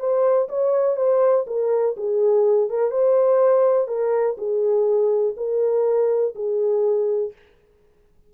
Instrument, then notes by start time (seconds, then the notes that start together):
horn
0.00 C5
0.49 C#5
0.97 C5
1.47 A#4
1.97 G#4
2.70 A#4
2.91 C5
3.88 A#4
4.38 G#4
5.37 A#4
6.35 G#4